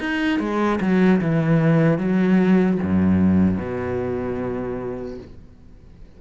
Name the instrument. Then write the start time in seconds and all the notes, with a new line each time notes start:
cello
0.00 D#4
0.40 G#3
0.81 F#3
1.21 E3
1.99 F#3
2.83 F#2
3.58 B2